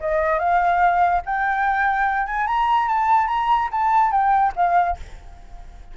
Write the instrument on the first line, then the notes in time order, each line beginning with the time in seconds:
flute
0.00 D#5
0.39 F5
1.25 G5
2.26 G#5
2.47 A#5
2.88 A5
3.27 A#5
3.71 A5
4.11 G5
4.56 F5